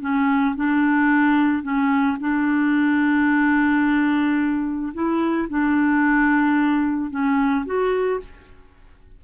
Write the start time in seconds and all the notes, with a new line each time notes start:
0.00 C#4
0.55 D4
1.62 C#4
2.20 D4
4.93 E4
5.49 D4
7.10 C#4
7.65 F#4